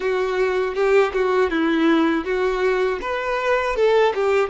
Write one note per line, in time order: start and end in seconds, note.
0.00 0.74 F#4
0.74 1.12 G4
1.13 1.50 F#4
1.50 2.24 E4
2.24 2.99 F#4
3.01 3.75 B4
3.75 4.13 A4
4.14 4.49 G4